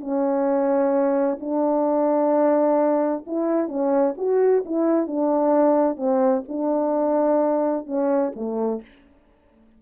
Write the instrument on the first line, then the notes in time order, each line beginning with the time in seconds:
horn
0.00 C#4
1.40 D4
3.27 E4
3.68 C#4
4.17 F#4
4.65 E4
5.07 D4
5.96 C4
6.48 D4
7.86 C#4
8.36 A3